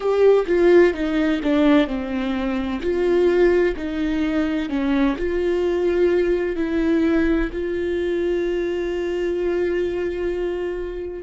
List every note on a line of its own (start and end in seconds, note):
0.00 0.46 G4
0.46 0.93 F4
0.93 1.40 D#4
1.43 1.87 D4
1.87 2.80 C4
2.81 3.75 F4
3.76 4.69 D#4
4.69 5.16 C#4
5.17 6.56 F4
6.56 7.50 E4
7.52 11.22 F4